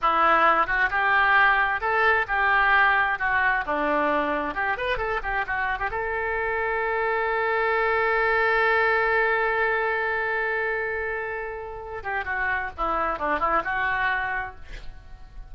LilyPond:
\new Staff \with { instrumentName = "oboe" } { \time 4/4 \tempo 4 = 132 e'4. fis'8 g'2 | a'4 g'2 fis'4 | d'2 g'8 b'8 a'8 g'8 | fis'8. g'16 a'2.~ |
a'1~ | a'1~ | a'2~ a'8 g'8 fis'4 | e'4 d'8 e'8 fis'2 | }